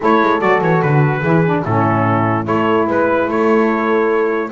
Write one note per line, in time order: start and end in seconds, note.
0.00 0.22 A3
0.00 0.39 E4
0.00 1.21 A4
0.00 0.40 C#5
0.22 0.41 G#3
0.39 0.61 F#3
0.39 1.21 F#4
0.39 0.61 D5
0.61 0.81 E3
0.61 0.81 C#5
0.81 1.22 D3
0.81 1.64 B4
1.21 1.63 E3
1.21 1.44 E4
1.21 1.62 G#4
1.45 1.66 D4
1.64 2.46 A2
1.64 2.44 C#4
1.64 2.46 E4
1.64 2.46 A4
2.44 2.86 A3
2.44 4.49 E4
2.44 2.87 A4
2.44 2.87 C#5
2.86 3.27 G#3
2.86 3.27 B4
2.86 3.30 B4
3.27 4.51 A3
3.27 4.51 A4
3.27 4.51 C#5